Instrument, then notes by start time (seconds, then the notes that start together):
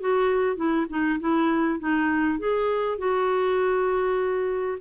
clarinet
0.00 F#4
0.56 E4
0.89 D#4
1.19 E4
1.79 D#4
2.39 G#4
2.98 F#4